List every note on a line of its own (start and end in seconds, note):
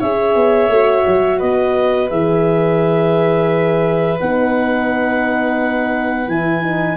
0.00 0.35 C#4
0.00 0.71 G#4
0.00 1.39 C#5
0.00 1.40 E5
0.35 0.69 B3
0.69 1.04 A3
0.69 2.10 F#4
1.07 1.42 F#3
1.39 2.11 B3
1.39 6.97 B4
1.39 2.10 D#5
2.10 4.21 E3
2.10 4.19 G#4
2.10 4.19 E5
4.20 6.28 B3
4.20 6.29 D#4
4.20 6.29 F#5
6.28 6.97 E3
6.28 6.62 E4
6.28 6.97 G#5
6.62 6.97 D#4